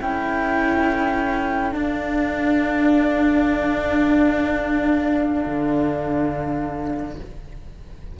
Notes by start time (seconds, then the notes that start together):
0.00 C#4 E4 A4 G5
1.72 D4 F5
5.46 D3